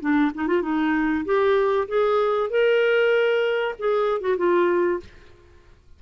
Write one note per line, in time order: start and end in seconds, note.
0.00 0.31 D4
0.34 0.47 D#4
0.47 0.62 F4
0.62 1.24 D#4
1.25 1.87 G4
1.88 2.49 G#4
2.49 3.74 A#4
3.78 4.20 G#4
4.20 4.36 F#4
4.37 4.99 F4